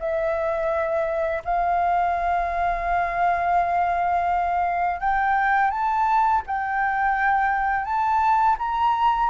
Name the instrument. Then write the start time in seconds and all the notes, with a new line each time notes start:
flute
0.00 E5
1.45 F5
5.01 G5
5.71 A5
6.47 G5
7.85 A5
8.59 A#5